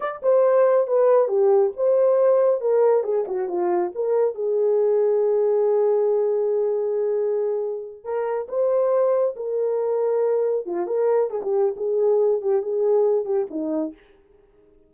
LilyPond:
\new Staff \with { instrumentName = "horn" } { \time 4/4 \tempo 4 = 138 d''8 c''4. b'4 g'4 | c''2 ais'4 gis'8 fis'8 | f'4 ais'4 gis'2~ | gis'1~ |
gis'2~ gis'8 ais'4 c''8~ | c''4. ais'2~ ais'8~ | ais'8 f'8 ais'4 gis'16 g'8. gis'4~ | gis'8 g'8 gis'4. g'8 dis'4 | }